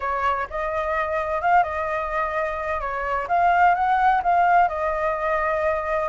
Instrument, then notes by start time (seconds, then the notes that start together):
flute
0.00 C#5
0.49 D#5
1.41 F5
1.63 D#5
2.80 C#5
3.28 F5
3.74 F#5
4.22 F5
4.68 D#5